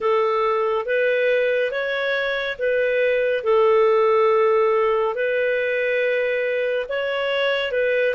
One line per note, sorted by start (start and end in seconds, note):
0.00 0.85 A4
0.85 1.71 B4
1.71 2.57 C#5
2.58 3.43 B4
3.43 5.14 A4
5.14 6.86 B4
6.88 7.71 C#5
7.71 8.14 B4